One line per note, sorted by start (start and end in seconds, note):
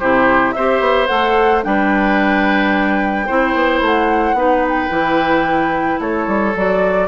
0.00 0.56 C3
0.00 0.56 E4
0.00 0.55 G4
0.00 0.52 C5
0.52 0.81 C4
0.52 1.08 G4
0.52 1.65 C5
0.52 1.07 E5
0.81 1.08 B3
1.07 1.65 A3
1.07 1.62 A4
1.07 1.62 F#5
1.63 3.29 G3
1.63 3.27 D4
1.63 3.27 B4
1.63 3.82 G5
3.27 3.55 C4
3.27 4.36 E4
3.27 4.36 C5
3.55 3.81 B3
3.81 4.34 A3
3.81 4.67 F#5
4.34 4.88 B3
4.34 4.90 D#4
4.34 6.01 B4
4.68 6.01 G5
4.90 6.00 E3
4.90 6.53 E4
6.00 6.27 A3
6.00 7.08 A4
6.00 6.56 C#5
6.27 6.55 G3
6.56 7.08 F#3
6.56 7.08 F#4
6.56 7.08 D5